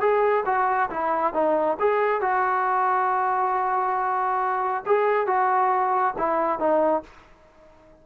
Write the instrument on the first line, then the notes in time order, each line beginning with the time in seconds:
trombone
0.00 G#4
0.45 F#4
0.90 E4
1.33 D#4
1.79 G#4
2.21 F#4
4.86 G#4
5.27 F#4
6.18 E4
6.59 D#4